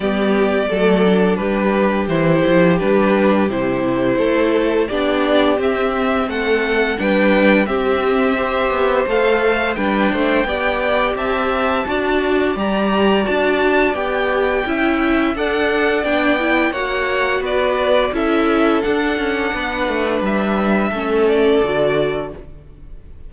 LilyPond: <<
  \new Staff \with { instrumentName = "violin" } { \time 4/4 \tempo 4 = 86 d''2 b'4 c''4 | b'4 c''2 d''4 | e''4 fis''4 g''4 e''4~ | e''4 f''4 g''2 |
a''2 ais''4 a''4 | g''2 fis''4 g''4 | fis''4 d''4 e''4 fis''4~ | fis''4 e''4. d''4. | }
  \new Staff \with { instrumentName = "violin" } { \time 4/4 g'4 a'4 g'2~ | g'2 a'4 g'4~ | g'4 a'4 b'4 g'4 | c''2 b'8 c''8 d''4 |
e''4 d''2.~ | d''4 e''4 d''2 | cis''4 b'4 a'2 | b'2 a'2 | }
  \new Staff \with { instrumentName = "viola" } { \time 4/4 b4 a8 d'4. e'4 | d'4 e'2 d'4 | c'2 d'4 c'4 | g'4 a'4 d'4 g'4~ |
g'4 fis'4 g'4 fis'4 | g'4 e'4 a'4 d'8 e'8 | fis'2 e'4 d'4~ | d'2 cis'4 fis'4 | }
  \new Staff \with { instrumentName = "cello" } { \time 4/4 g4 fis4 g4 e8 f8 | g4 c4 a4 b4 | c'4 a4 g4 c'4~ | c'8 b8 a4 g8 a8 b4 |
c'4 d'4 g4 d'4 | b4 cis'4 d'4 b4 | ais4 b4 cis'4 d'8 cis'8 | b8 a8 g4 a4 d4 | }
>>